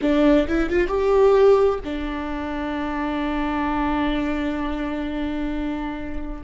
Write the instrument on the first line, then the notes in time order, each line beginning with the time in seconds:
viola
0.01 D4
0.47 E4
0.69 F4
0.87 G4
1.84 D4